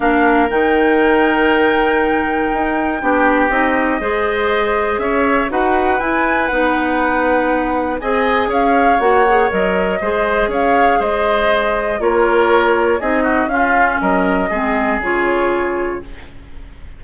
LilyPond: <<
  \new Staff \with { instrumentName = "flute" } { \time 4/4 \tempo 4 = 120 f''4 g''2.~ | g''2. dis''4~ | dis''2 e''4 fis''4 | gis''4 fis''2. |
gis''4 f''4 fis''4 dis''4~ | dis''4 f''4 dis''2 | cis''2 dis''4 f''4 | dis''2 cis''2 | }
  \new Staff \with { instrumentName = "oboe" } { \time 4/4 ais'1~ | ais'2 g'2 | c''2 cis''4 b'4~ | b'1 |
dis''4 cis''2. | c''4 cis''4 c''2 | ais'2 gis'8 fis'8 f'4 | ais'4 gis'2. | }
  \new Staff \with { instrumentName = "clarinet" } { \time 4/4 d'4 dis'2.~ | dis'2 d'4 dis'4 | gis'2. fis'4 | e'4 dis'2. |
gis'2 fis'8 gis'8 ais'4 | gis'1 | f'2 dis'4 cis'4~ | cis'4 c'4 f'2 | }
  \new Staff \with { instrumentName = "bassoon" } { \time 4/4 ais4 dis2.~ | dis4 dis'4 b4 c'4 | gis2 cis'4 dis'4 | e'4 b2. |
c'4 cis'4 ais4 fis4 | gis4 cis'4 gis2 | ais2 c'4 cis'4 | fis4 gis4 cis2 | }
>>